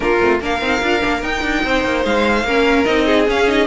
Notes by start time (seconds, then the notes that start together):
0.00 A#3 D4 F4 A#4
0.20 A3 C4
0.40 A#3 D4 A#4 F5
0.61 C4 D#4
0.82 D4 F4
1.00 A#3 D4
1.21 D#4 G5
1.42 D4
1.64 C4 C5
1.84 A#3
2.05 G#3 F5
2.43 A#3 C#4 A#4
2.84 C4 D#4 D#5
3.05 G#4
3.27 C#4 F5
3.47 D#4 D#5